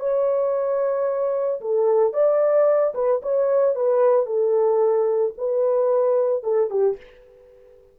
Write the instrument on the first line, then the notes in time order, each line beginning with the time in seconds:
horn
0.00 C#5
1.61 A4
2.14 D5
2.95 B4
3.23 C#5
3.76 B4
4.26 A4
5.38 B4
6.44 A4
6.70 G4